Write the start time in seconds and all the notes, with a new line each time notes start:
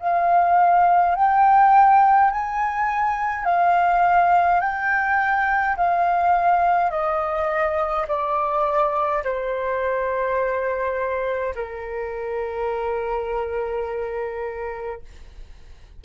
0.00 F5
1.16 G5
2.31 G#5
3.45 F5
4.61 G5
5.77 F5
6.91 D#5
8.08 D5
9.24 C5
11.55 A#4